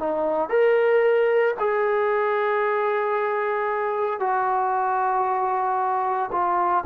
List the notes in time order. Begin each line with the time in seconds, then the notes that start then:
0.00 D#4
0.50 A#4
1.60 G#4
4.20 F#4
6.32 F4